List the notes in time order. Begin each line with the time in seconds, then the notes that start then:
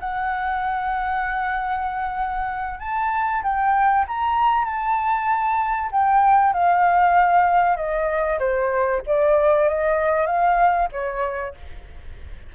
0.00 F#5
2.80 A5
3.43 G5
4.08 A#5
4.65 A5
5.92 G5
6.53 F5
7.76 D#5
8.39 C5
9.07 D5
9.69 D#5
10.26 F5
10.92 C#5